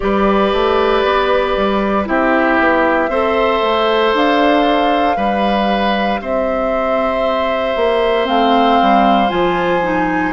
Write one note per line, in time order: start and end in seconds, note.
0.00 0.53 G3
0.00 2.05 G4
0.00 2.08 B4
0.00 2.05 D5
0.53 1.03 A3
1.03 1.55 B3
1.56 2.08 G3
2.05 2.59 C4
2.05 3.08 E4
2.05 3.10 G4
2.05 4.15 E5
2.59 3.08 B3
3.08 3.60 C4
3.08 5.17 A4
3.08 5.16 C5
3.62 4.13 A3
4.13 5.16 D4
4.13 6.22 F5
5.16 6.20 G3
5.16 8.24 G4
5.16 6.20 B4
6.20 7.75 C4
6.20 10.33 C5
6.20 8.27 E5
7.75 8.27 A#3
8.24 8.80 A3
8.24 9.27 C4
8.24 9.29 F5
8.81 9.31 G3
9.28 10.33 F3
9.28 9.80 F4
9.28 10.33 G#5
9.82 10.33 D#4